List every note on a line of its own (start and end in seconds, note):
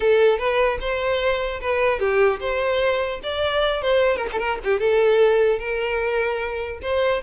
0.00 0.38 A4
0.38 0.78 B4
0.80 1.60 C5
1.60 1.99 B4
1.99 2.39 G4
2.40 3.20 C5
3.23 3.82 D5
3.82 4.16 C5
4.16 4.26 A#4
4.32 4.39 A4
4.39 4.59 A#4
4.64 4.79 G4
4.79 5.59 A4
5.59 6.79 A#4
6.81 7.21 C5